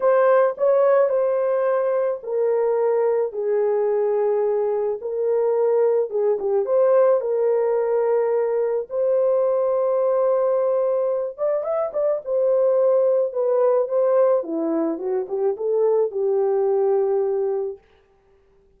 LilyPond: \new Staff \with { instrumentName = "horn" } { \time 4/4 \tempo 4 = 108 c''4 cis''4 c''2 | ais'2 gis'2~ | gis'4 ais'2 gis'8 g'8 | c''4 ais'2. |
c''1~ | c''8 d''8 e''8 d''8 c''2 | b'4 c''4 e'4 fis'8 g'8 | a'4 g'2. | }